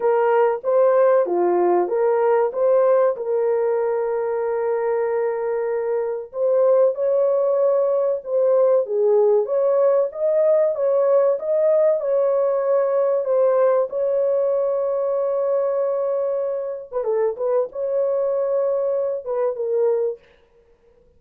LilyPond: \new Staff \with { instrumentName = "horn" } { \time 4/4 \tempo 4 = 95 ais'4 c''4 f'4 ais'4 | c''4 ais'2.~ | ais'2 c''4 cis''4~ | cis''4 c''4 gis'4 cis''4 |
dis''4 cis''4 dis''4 cis''4~ | cis''4 c''4 cis''2~ | cis''2~ cis''8. b'16 a'8 b'8 | cis''2~ cis''8 b'8 ais'4 | }